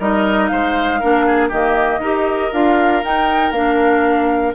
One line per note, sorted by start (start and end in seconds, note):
0.00 0.51 G3
0.00 1.02 D#4
0.00 0.51 A#4
0.00 0.47 D#5
0.47 1.03 G#3
0.47 1.00 C5
0.47 1.49 F5
1.00 1.52 A#3
1.00 1.52 D4
1.00 1.26 A#4
1.26 1.49 G#4
1.49 1.99 D#3
1.49 2.03 A#3
1.49 2.00 G4
1.49 2.53 D#5
1.99 2.50 D#4
1.99 2.52 G4
1.99 4.55 A#4
2.52 3.04 D4
2.52 3.03 F4
2.52 3.04 F5
3.03 3.54 D#4
3.03 3.52 D#4
3.03 3.52 G5
3.52 4.53 A#3
3.52 4.55 D4
3.52 4.54 F5